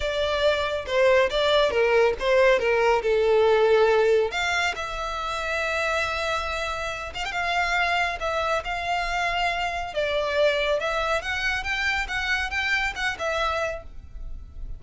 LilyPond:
\new Staff \with { instrumentName = "violin" } { \time 4/4 \tempo 4 = 139 d''2 c''4 d''4 | ais'4 c''4 ais'4 a'4~ | a'2 f''4 e''4~ | e''1~ |
e''8 f''16 g''16 f''2 e''4 | f''2. d''4~ | d''4 e''4 fis''4 g''4 | fis''4 g''4 fis''8 e''4. | }